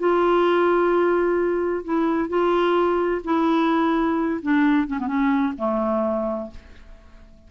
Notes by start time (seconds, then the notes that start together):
0.00 F4
1.84 E4
2.29 F4
3.25 E4
4.42 D4
4.88 C#4
5.00 B3
5.07 C#4
5.58 A3